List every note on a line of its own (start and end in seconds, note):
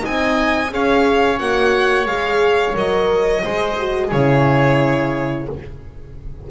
0.00 0.68 D#4
0.00 0.72 D#5
0.00 0.74 G#5
0.06 0.72 C4
0.70 1.40 C#4
0.70 1.39 G#4
0.70 3.44 C#5
0.70 1.39 F5
1.39 2.07 A#3
1.39 2.07 F#4
1.39 2.07 F#5
2.07 2.75 G#3
2.07 2.75 G#4
2.07 2.76 F5
2.75 3.43 F#3
2.75 3.43 A#4
2.75 4.12 D#5
3.43 4.12 G#3
3.43 3.77 G#4
3.43 4.08 C5
3.79 4.13 F#4
4.08 5.49 C#3
4.08 5.44 G#4
4.08 5.49 C#5
4.14 5.51 E4